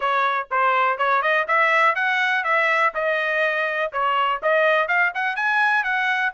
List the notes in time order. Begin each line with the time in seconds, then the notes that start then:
0.00 C#5
0.51 C5
0.98 C#5
1.22 D#5
1.47 E5
1.95 F#5
2.44 E5
2.94 D#5
3.92 C#5
4.42 D#5
4.88 F5
5.14 F#5
5.36 G#5
5.83 F#5